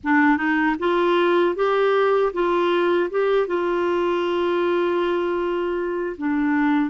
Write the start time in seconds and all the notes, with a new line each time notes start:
0.03 D4
0.37 D#4
0.79 F4
1.55 G4
2.33 F4
3.10 G4
3.47 F4
6.17 D4